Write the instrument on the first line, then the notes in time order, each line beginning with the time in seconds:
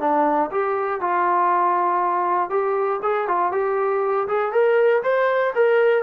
trombone
0.00 D4
0.51 G4
1.01 F4
2.50 G4
3.03 G#4
3.28 F4
3.52 G4
4.28 G#4
4.52 A#4
5.03 C5
5.55 A#4